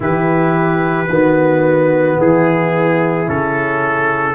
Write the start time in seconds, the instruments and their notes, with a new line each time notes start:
0.00 tuba E3, trombone E4, horn G4, trumpet B4
1.08 tuba D#3, trombone B3, horn F#4
2.18 tuba E3, horn E4, trumpet G#4
3.26 tuba C#3, trombone C#4, trumpet A4